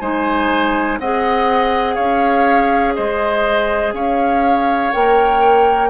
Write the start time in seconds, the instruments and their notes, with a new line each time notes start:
0.00 bassoon G#3, clarinet D#4, oboe C5, flute G#5
0.99 bassoon C4, clarinet G#4, oboe D#5, flute F#5
1.95 bassoon C#4, oboe C#5, flute F5
2.95 bassoon G#3, oboe C5, flute D#5
3.93 bassoon C#4, oboe C#5, flute F5
4.92 bassoon A#3, clarinet A#4, flute G5